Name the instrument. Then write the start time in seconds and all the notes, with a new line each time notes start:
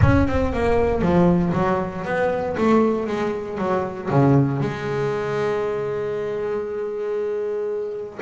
double bass
0.02 C#4
0.27 C4
0.53 A#3
1.01 F3
1.53 F#3
2.04 B3
2.57 A3
3.06 G#3
3.58 F#3
4.10 C#3
4.60 G#3